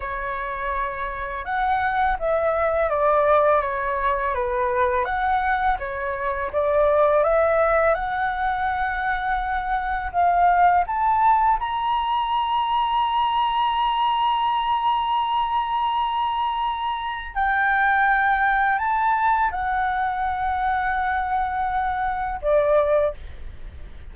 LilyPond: \new Staff \with { instrumentName = "flute" } { \time 4/4 \tempo 4 = 83 cis''2 fis''4 e''4 | d''4 cis''4 b'4 fis''4 | cis''4 d''4 e''4 fis''4~ | fis''2 f''4 a''4 |
ais''1~ | ais''1 | g''2 a''4 fis''4~ | fis''2. d''4 | }